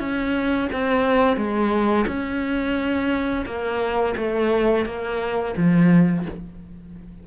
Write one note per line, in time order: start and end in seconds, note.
0.00 0.69 C#4
0.73 1.37 C4
1.37 2.06 G#3
2.08 3.46 C#4
3.46 4.15 A#3
4.17 4.86 A3
4.86 5.55 A#3
5.57 6.26 F3